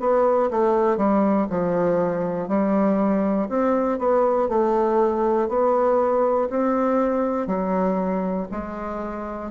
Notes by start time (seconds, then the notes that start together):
0.00 B3
0.50 A3
0.97 G3
1.50 F3
2.48 G3
3.50 C4
3.99 B3
4.49 A3
5.49 B3
6.50 C4
7.47 F#3
8.51 G#3